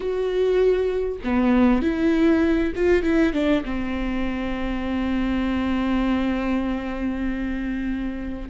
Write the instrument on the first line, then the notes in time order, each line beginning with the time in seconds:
viola
0.00 F#4
1.24 B3
1.82 E4
2.75 F4
3.02 E4
3.33 D4
3.64 C4